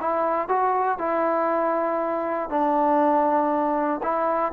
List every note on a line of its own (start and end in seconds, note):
0.00 0.48 E4
0.48 0.98 F#4
0.98 2.50 E4
2.50 4.01 D4
4.03 4.52 E4